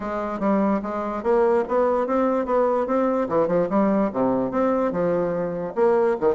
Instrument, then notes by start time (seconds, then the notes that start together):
bassoon
0.00 G#3
0.39 G3
0.82 G#3
1.23 A#3
1.68 B3
2.06 C4
2.45 B3
2.87 C4
3.29 E3
3.47 F3
3.69 G3
4.12 C3
4.51 C4
4.91 F3
5.75 A#3
6.20 D#3